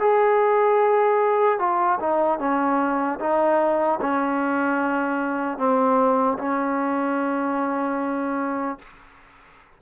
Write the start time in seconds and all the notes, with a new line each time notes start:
0.00 G#4
1.59 F4
2.00 D#4
2.39 C#4
3.20 D#4
4.01 C#4
5.58 C4
6.39 C#4